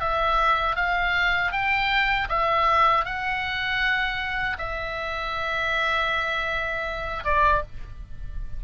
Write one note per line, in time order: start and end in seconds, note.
0.00 0.76 E5
0.76 1.52 F5
1.52 2.28 G5
2.29 3.04 E5
3.05 4.57 F#5
4.58 7.24 E5
7.24 7.62 D5